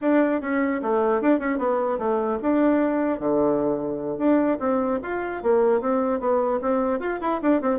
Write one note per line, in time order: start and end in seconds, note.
0.01 0.41 D4
0.41 0.81 C#4
0.81 1.21 A3
1.21 1.39 D4
1.39 1.58 C#4
1.58 1.98 B3
1.98 2.38 A3
2.41 3.19 D4
3.19 4.18 D3
4.18 4.58 D4
4.59 4.99 C4
5.03 5.42 F4
5.42 5.80 A#3
5.80 6.19 C4
6.19 6.59 B3
6.61 6.99 C4
6.99 7.19 F4
7.20 7.40 E4
7.41 7.61 D4
7.61 7.79 C4